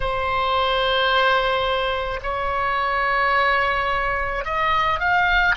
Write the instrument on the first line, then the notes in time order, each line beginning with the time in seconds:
oboe
0.00 C5
2.22 C#5
4.44 D#5
4.99 F5